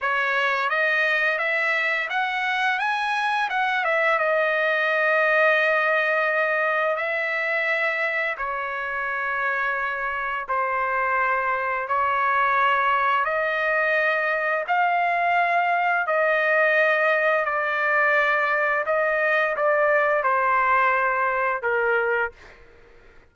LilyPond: \new Staff \with { instrumentName = "trumpet" } { \time 4/4 \tempo 4 = 86 cis''4 dis''4 e''4 fis''4 | gis''4 fis''8 e''8 dis''2~ | dis''2 e''2 | cis''2. c''4~ |
c''4 cis''2 dis''4~ | dis''4 f''2 dis''4~ | dis''4 d''2 dis''4 | d''4 c''2 ais'4 | }